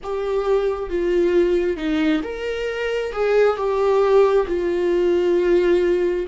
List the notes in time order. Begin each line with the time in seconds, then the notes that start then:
0.03 G4
0.89 F4
1.76 D#4
2.23 A#4
3.12 G#4
3.56 G4
4.47 F4